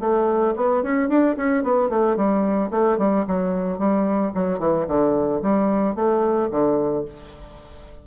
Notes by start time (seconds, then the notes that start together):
0.00 A3
0.56 B3
0.83 C#4
1.09 D4
1.36 C#4
1.63 B3
1.89 A3
2.16 G3
2.71 A3
2.98 G3
3.27 F#3
3.78 G3
4.34 F#3
4.58 E3
4.87 D3
5.42 G3
5.95 A3
6.51 D3